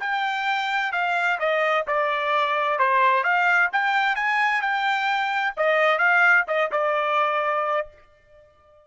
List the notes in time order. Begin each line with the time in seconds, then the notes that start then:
0.00 G5
0.93 F5
1.39 D#5
1.87 D5
2.79 C5
3.24 F5
3.72 G5
4.16 G#5
4.62 G5
5.57 D#5
5.99 F5
6.48 D#5
6.72 D5